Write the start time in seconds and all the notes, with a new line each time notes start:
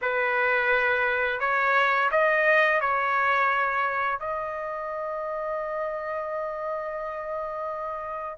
0.01 B4
1.40 C#5
2.11 D#5
2.80 C#5
4.19 D#5